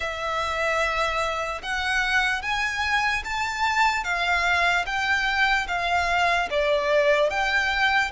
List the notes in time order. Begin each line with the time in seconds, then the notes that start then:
0.00 E5
1.62 F#5
2.42 G#5
3.24 A5
4.04 F5
4.85 G5
5.68 F5
6.50 D5
7.30 G5